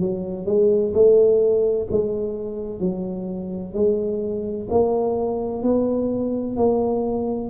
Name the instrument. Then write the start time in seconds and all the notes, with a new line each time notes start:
tuba
0.00 F#3
0.46 G#3
0.94 A3
1.91 G#3
2.80 F#3
3.74 G#3
4.70 A#3
5.63 B3
6.57 A#3